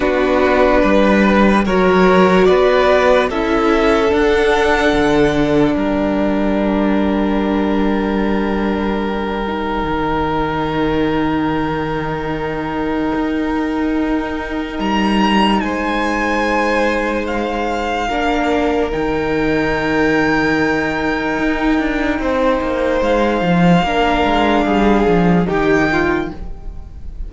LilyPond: <<
  \new Staff \with { instrumentName = "violin" } { \time 4/4 \tempo 4 = 73 b'2 cis''4 d''4 | e''4 fis''2 g''4~ | g''1~ | g''1~ |
g''2 ais''4 gis''4~ | gis''4 f''2 g''4~ | g''1 | f''2. g''4 | }
  \new Staff \with { instrumentName = "violin" } { \time 4/4 fis'4 b'4 ais'4 b'4 | a'2. ais'4~ | ais'1~ | ais'1~ |
ais'2. c''4~ | c''2 ais'2~ | ais'2. c''4~ | c''4 ais'4 gis'4 g'8 f'8 | }
  \new Staff \with { instrumentName = "viola" } { \time 4/4 d'2 fis'2 | e'4 d'2.~ | d'2.~ d'8 dis'8~ | dis'1~ |
dis'1~ | dis'2 d'4 dis'4~ | dis'1~ | dis'4 d'2 dis'4 | }
  \new Staff \with { instrumentName = "cello" } { \time 4/4 b4 g4 fis4 b4 | cis'4 d'4 d4 g4~ | g1 | dis1 |
dis'2 g4 gis4~ | gis2 ais4 dis4~ | dis2 dis'8 d'8 c'8 ais8 | gis8 f8 ais8 gis8 g8 f8 dis4 | }
>>